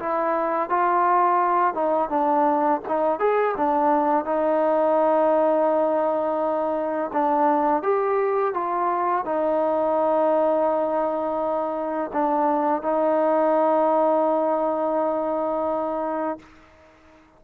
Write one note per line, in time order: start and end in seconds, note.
0.00 0.70 E4
0.70 1.75 F4
1.75 2.10 D#4
2.10 2.81 D4
2.89 3.20 D#4
3.20 3.56 G#4
3.57 4.26 D4
4.26 7.11 D#4
7.13 7.83 D4
7.83 8.54 G4
8.54 9.26 F4
9.26 12.11 D#4
12.13 12.82 D4
12.82 16.40 D#4